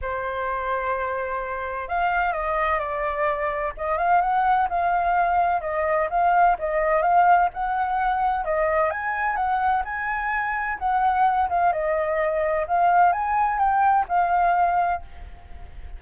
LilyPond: \new Staff \with { instrumentName = "flute" } { \time 4/4 \tempo 4 = 128 c''1 | f''4 dis''4 d''2 | dis''8 f''8 fis''4 f''2 | dis''4 f''4 dis''4 f''4 |
fis''2 dis''4 gis''4 | fis''4 gis''2 fis''4~ | fis''8 f''8 dis''2 f''4 | gis''4 g''4 f''2 | }